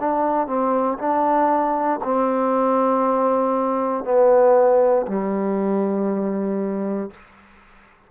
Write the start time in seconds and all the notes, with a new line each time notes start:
0.00 D4
0.47 C4
0.98 D4
2.03 C4
4.04 B3
5.07 G3